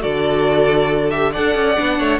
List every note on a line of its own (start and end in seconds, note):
0.00 1.37 D3
0.00 1.11 F#4
0.00 1.32 A4
0.00 1.11 D5
1.11 1.33 G4
1.11 1.33 E5
1.32 1.55 D4
1.32 1.77 A4
1.32 1.98 D5
1.32 2.20 F#5
1.55 1.78 C#4
1.77 2.00 B3
1.77 2.20 D4
1.99 2.20 A3
1.99 2.20 C#5